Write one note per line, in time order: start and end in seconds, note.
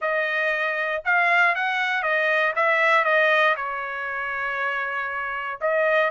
0.01 1.02 D#5
1.04 1.55 F5
1.55 2.02 F#5
2.02 2.53 D#5
2.55 3.04 E5
3.04 3.55 D#5
3.56 5.59 C#5
5.60 6.10 D#5